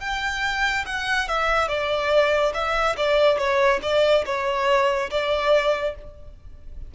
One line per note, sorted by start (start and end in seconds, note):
0.00 0.85 G5
0.86 1.28 F#5
1.28 1.68 E5
1.68 2.52 D5
2.54 2.96 E5
2.97 3.38 D5
3.38 3.80 C#5
3.82 4.24 D5
4.25 5.10 C#5
5.10 5.95 D5